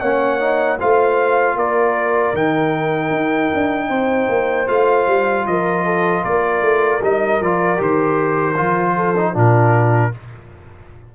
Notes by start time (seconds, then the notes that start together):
0.00 A#3 C#4 C#5 F#5
0.39 D#4
0.80 A3 F4 C5 F5
1.55 A#3 A#4 D5
2.33 D#3 D#4 G5
3.11 D#4
3.54 D4
3.89 C4 C5
4.29 A#3
4.67 A3 F4 F5
5.07 G3
5.46 F3 A#4 D#5
5.85 A4
6.23 A#3 A#4 D5
6.62 A3
7.02 G3 D#4 D#5
7.41 F3 F4 D5
7.77 D#3 G4 C5
8.57 F3 F4
8.96 A4
9.17 D#4
9.33 A#2 D4 F4 A#4